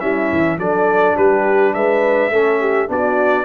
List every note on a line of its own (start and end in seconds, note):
0.00 0.31 G3
0.00 0.58 C#4
0.00 0.59 E4
0.00 0.58 E5
0.32 0.58 E3
0.58 1.16 F#3
0.58 2.31 D4
0.58 1.16 A4
0.58 1.17 D5
1.16 1.75 G3
1.16 1.74 G4
1.16 1.74 B4
1.74 2.30 G#3
1.74 2.32 B4
1.74 2.89 E5
2.30 2.88 A3
2.30 2.87 C#4
2.30 2.60 A4
2.60 2.89 G4
2.87 3.45 B3
2.87 3.45 D4
2.87 3.45 F#4
2.87 3.45 D5